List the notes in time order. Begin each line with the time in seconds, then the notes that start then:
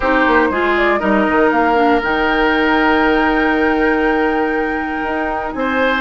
0.00 C4 D#4 G4 C5
0.27 A#3
0.50 G#3 F4 G#4
0.76 D5
0.99 G3 D#4 A#4 D#5
1.27 D#3
1.51 A#3 F5
1.75 D4
2.03 D#3 D#4 G5
5.03 D#4
5.52 C4 C5 G#5